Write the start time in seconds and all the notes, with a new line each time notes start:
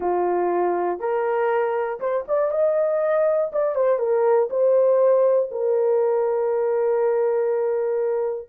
0.00 F4
0.99 A#4
2.00 C5
2.27 D5
2.51 D#5
3.52 D5
3.75 C5
3.98 A#4
4.50 C5
5.51 A#4